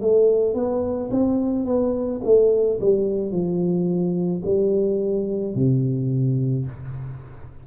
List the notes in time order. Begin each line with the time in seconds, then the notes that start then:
0.00 A3
0.54 B3
1.11 C4
1.65 B3
2.24 A3
2.80 G3
3.31 F3
4.44 G3
5.55 C3